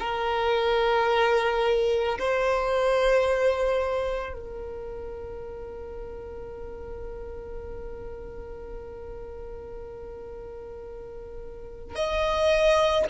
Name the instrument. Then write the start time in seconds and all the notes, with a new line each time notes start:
violin
0.00 A#4
2.19 C5
4.33 A#4
11.95 D#5